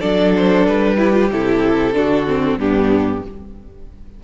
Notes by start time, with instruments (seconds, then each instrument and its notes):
0.00 cello F#3, viola D4, violin A4 D5
0.36 violin C5
0.66 cello G3, violin B4
0.97 viola E4, violin G4
1.12 viola F4
1.31 cello C3, viola E4, violin A4
1.93 cello D3, viola D4, violin F#4
2.28 viola C4
2.57 cello G2, viola B3, violin D4 G4